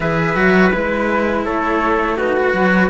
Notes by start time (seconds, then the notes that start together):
0.00 E3 G#4 B4 E5
0.35 F#3 F#4
0.72 G#3 E4 B4
1.45 A3 A4 C#5
2.17 D#4 F#4 B4
2.36 F#4
2.53 F#3